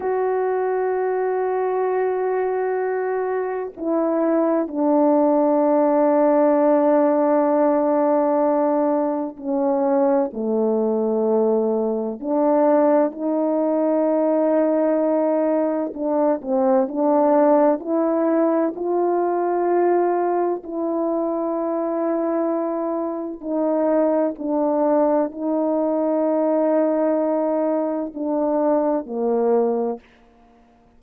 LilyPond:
\new Staff \with { instrumentName = "horn" } { \time 4/4 \tempo 4 = 64 fis'1 | e'4 d'2.~ | d'2 cis'4 a4~ | a4 d'4 dis'2~ |
dis'4 d'8 c'8 d'4 e'4 | f'2 e'2~ | e'4 dis'4 d'4 dis'4~ | dis'2 d'4 ais4 | }